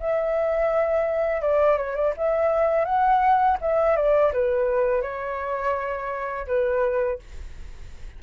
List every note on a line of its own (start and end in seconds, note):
0.00 1.42 E5
1.42 1.78 D5
1.78 1.96 C#5
1.96 2.14 D5
2.18 2.85 E5
2.85 3.58 F#5
3.61 3.97 E5
3.97 4.33 D5
4.33 5.02 B4
5.02 6.47 C#5
6.47 7.19 B4